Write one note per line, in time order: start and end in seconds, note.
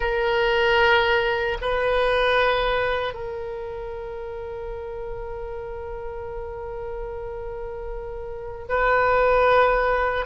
0.00 1.58 A#4
1.61 3.14 B4
3.14 8.66 A#4
8.68 10.26 B4